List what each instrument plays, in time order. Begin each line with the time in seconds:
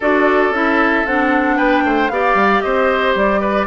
0.00 bassoon D4, clarinet F#4, oboe A4, flute D5
0.49 bassoon C#4, clarinet E4, flute E5
1.05 bassoon C4, clarinet D4, flute F#5
1.56 bassoon B3, oboe B4, flute G5
1.84 bassoon A3, oboe C5
2.08 bassoon B3, clarinet G4, oboe D5, flute F5
2.34 bassoon G3
2.61 bassoon C4, oboe C5, flute D#5
3.15 bassoon G3, flute D5
3.41 oboe B4